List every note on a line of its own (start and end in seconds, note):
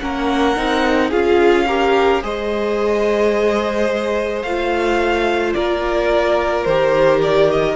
0.00 0.57 A#3
0.00 0.56 C#4
0.00 1.10 A#4
0.00 1.11 F#5
0.56 1.12 C4
0.56 1.12 D#4
1.10 2.23 C#4
1.10 1.68 F4
1.10 1.66 G#4
1.10 2.23 F5
1.68 2.23 G4
1.68 2.23 A#4
2.23 4.44 G#3
2.23 4.45 G#4
2.23 5.56 C5
2.23 4.43 D#5
4.43 5.55 A3
4.43 6.69 F4
4.43 5.54 F5
5.54 6.66 A#3
5.54 7.76 A#4
5.54 6.65 D5
6.65 7.76 D#3
6.65 7.76 G4
6.65 7.20 C5
7.23 7.51 D5
7.51 7.76 D#5